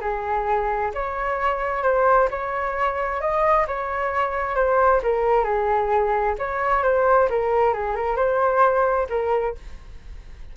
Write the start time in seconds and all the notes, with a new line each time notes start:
0.00 G#4
0.94 C#5
1.83 C5
2.30 C#5
3.20 D#5
3.67 C#5
4.55 C5
5.03 A#4
5.44 G#4
6.38 C#5
6.83 C5
7.30 A#4
7.73 G#4
7.95 A#4
8.16 C5
9.09 A#4